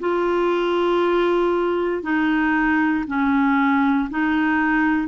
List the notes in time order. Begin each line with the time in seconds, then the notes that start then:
0.00 F4
2.03 D#4
3.07 C#4
4.10 D#4